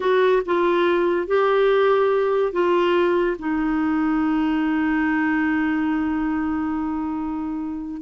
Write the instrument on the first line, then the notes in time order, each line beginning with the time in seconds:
clarinet
0.00 F#4
0.45 F4
1.27 G4
2.52 F4
3.39 D#4